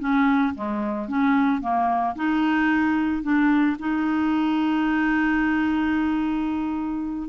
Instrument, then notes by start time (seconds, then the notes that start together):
clarinet
0.00 C#4
0.55 G#3
1.09 C#4
1.61 A#3
2.16 D#4
3.23 D4
3.80 D#4